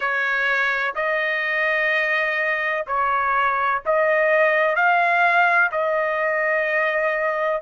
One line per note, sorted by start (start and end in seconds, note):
0.00 0.94 C#5
0.95 2.85 D#5
2.87 3.82 C#5
3.85 4.75 D#5
4.75 5.71 F5
5.71 7.61 D#5